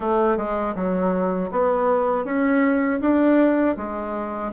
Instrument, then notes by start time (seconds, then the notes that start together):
bassoon
0.00 A3
0.37 G#3
0.75 F#3
1.51 B3
2.25 C#4
3.00 D4
3.76 G#3